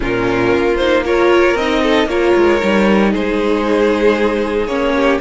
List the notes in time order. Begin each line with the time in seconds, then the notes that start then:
0.00 A#2 C#4 F4 A#4
0.54 A#3
0.76 D#4 C5
1.03 F4 A#4 C#5
1.55 C4 D#4 D#5
1.82 A4
2.05 A#3 F4 A#4 C#5
2.36 G#3
2.60 G3 D#4
3.11 G#3 G#4 C5
4.66 A#3 C#4 C#5
4.95 G4